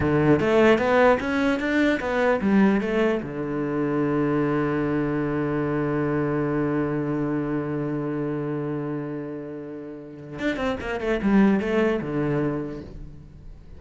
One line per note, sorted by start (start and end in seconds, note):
0.00 0.39 D3
0.39 0.78 A3
0.78 1.18 B3
1.20 1.59 C#4
1.59 1.99 D4
2.00 2.40 B3
2.41 2.80 G3
2.80 3.20 A3
3.22 10.39 D3
10.39 10.56 D4
10.56 10.76 C4
10.80 11.00 A#3
11.00 11.20 A3
11.22 11.60 G3
11.60 12.00 A3
12.01 12.81 D3